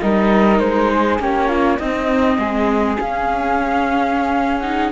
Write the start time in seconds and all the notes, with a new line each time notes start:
0.00 G3 D#4 A#4 D#5
0.59 G#3 C5
0.92 G#4
1.18 A#3 C#4 G4 C#5
1.48 F4
1.78 C4 D#4 D#5
2.38 G#3 G#4
2.96 C#4 F5
4.60 D#4 F#5